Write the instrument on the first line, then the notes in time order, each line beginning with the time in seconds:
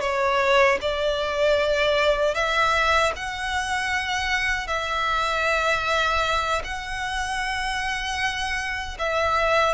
violin
0.00 C#5
0.81 D5
2.34 E5
3.16 F#5
4.67 E5
6.63 F#5
8.98 E5